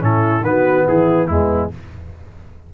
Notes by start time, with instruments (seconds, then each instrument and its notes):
0.00 tuba A2, trombone C#4, horn E4, trumpet A4
0.42 tuba D#3, trombone B3, trumpet B4
0.48 horn F#4
0.87 tuba E3, horn E4, trumpet G#4
1.27 tuba E2, trombone G#3, horn B3, trumpet E4